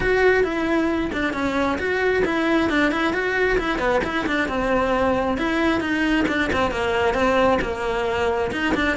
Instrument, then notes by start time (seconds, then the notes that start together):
cello
0.00 F#4
0.43 E4
1.12 D4
1.33 C#4
1.78 F#4
2.24 E4
2.69 D4
2.91 E4
3.13 F#4
3.58 E4
3.79 B3
4.04 E4
4.27 D4
4.48 C4
5.37 E4
5.80 D#4
6.28 D4
6.53 C4
6.71 A#3
7.13 C4
7.61 A#3
8.52 D#4
8.74 D4